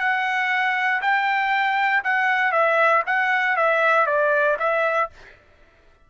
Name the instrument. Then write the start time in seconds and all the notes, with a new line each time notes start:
trumpet
0.00 F#5
1.02 G5
2.04 F#5
2.52 E5
3.06 F#5
3.57 E5
4.07 D5
4.59 E5